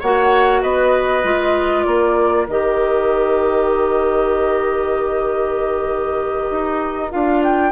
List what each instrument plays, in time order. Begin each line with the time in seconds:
0.00 bassoon A#3, clarinet F#4, oboe C#5, flute F#5
0.62 bassoon B3, oboe B4, flute D#5
1.24 bassoon G#3, clarinet F4
1.84 bassoon A#3, oboe A#4, flute D5
2.48 bassoon D#3, clarinet G4, flute D#5
6.51 bassoon D#4
7.11 bassoon D4, clarinet F4, flute F5
7.44 flute G5